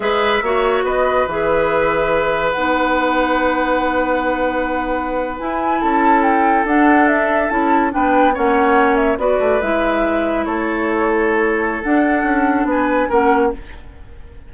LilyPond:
<<
  \new Staff \with { instrumentName = "flute" } { \time 4/4 \tempo 4 = 142 e''2 dis''4 e''4~ | e''2 fis''2~ | fis''1~ | fis''8. gis''4 a''4 g''4 fis''16~ |
fis''8. e''4 a''4 g''4 fis''16~ | fis''4~ fis''16 e''8 d''4 e''4~ e''16~ | e''8. cis''2.~ cis''16 | fis''2 gis''4 fis''4 | }
  \new Staff \with { instrumentName = "oboe" } { \time 4/4 b'4 cis''4 b'2~ | b'1~ | b'1~ | b'4.~ b'16 a'2~ a'16~ |
a'2~ a'8. b'4 cis''16~ | cis''4.~ cis''16 b'2~ b'16~ | b'8. a'2.~ a'16~ | a'2 b'4 ais'4 | }
  \new Staff \with { instrumentName = "clarinet" } { \time 4/4 gis'4 fis'2 gis'4~ | gis'2 dis'2~ | dis'1~ | dis'8. e'2. d'16~ |
d'4.~ d'16 e'4 d'4 cis'16~ | cis'4.~ cis'16 fis'4 e'4~ e'16~ | e'1 | d'2. cis'4 | }
  \new Staff \with { instrumentName = "bassoon" } { \time 4/4 gis4 ais4 b4 e4~ | e2 b2~ | b1~ | b8. e'4 cis'2 d'16~ |
d'4.~ d'16 cis'4 b4 ais16~ | ais4.~ ais16 b8 a8 gis4~ gis16~ | gis8. a2.~ a16 | d'4 cis'4 b4 ais4 | }
>>